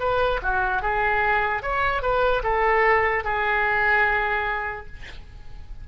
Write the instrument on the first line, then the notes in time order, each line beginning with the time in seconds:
oboe
0.00 B4
0.42 F#4
0.82 G#4
1.63 C#5
2.02 B4
2.44 A4
3.24 G#4